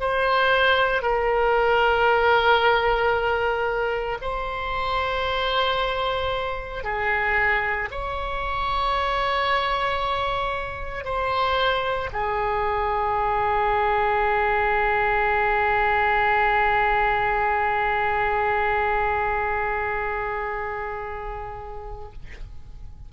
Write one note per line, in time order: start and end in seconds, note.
0.00 1.02 C5
1.02 4.18 A#4
4.21 6.83 C5
6.83 7.89 G#4
7.91 11.04 C#5
11.04 12.10 C5
12.12 22.12 G#4